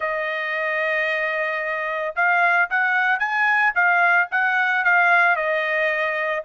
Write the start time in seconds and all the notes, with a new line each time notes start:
0.00 D#5
2.15 F5
2.69 F#5
3.19 G#5
3.74 F5
4.31 F#5
4.84 F5
5.36 D#5